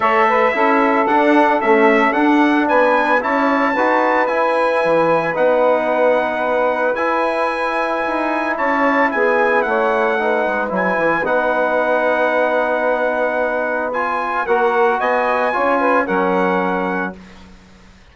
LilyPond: <<
  \new Staff \with { instrumentName = "trumpet" } { \time 4/4 \tempo 4 = 112 e''2 fis''4 e''4 | fis''4 gis''4 a''2 | gis''2 fis''2~ | fis''4 gis''2. |
a''4 gis''4 fis''2 | gis''4 fis''2.~ | fis''2 gis''4 fis''4 | gis''2 fis''2 | }
  \new Staff \with { instrumentName = "saxophone" } { \time 4/4 cis''8 b'8 a'2.~ | a'4 b'4 cis''4 b'4~ | b'1~ | b'1 |
cis''4 gis'4 cis''4 b'4~ | b'1~ | b'2. ais'4 | dis''4 cis''8 b'8 ais'2 | }
  \new Staff \with { instrumentName = "trombone" } { \time 4/4 a'4 e'4 d'4 a4 | d'2 e'4 fis'4 | e'2 dis'2~ | dis'4 e'2.~ |
e'2. dis'4 | e'4 dis'2.~ | dis'2 f'4 fis'4~ | fis'4 f'4 cis'2 | }
  \new Staff \with { instrumentName = "bassoon" } { \time 4/4 a4 cis'4 d'4 cis'4 | d'4 b4 cis'4 dis'4 | e'4 e4 b2~ | b4 e'2 dis'4 |
cis'4 b4 a4. gis8 | fis8 e8 b2.~ | b2. ais4 | b4 cis'4 fis2 | }
>>